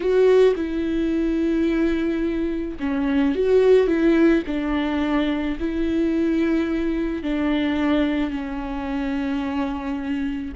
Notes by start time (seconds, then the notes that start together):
0.00 F#4
0.56 E4
2.79 C#4
3.35 F#4
3.87 E4
4.46 D4
5.59 E4
7.22 D4
8.30 C#4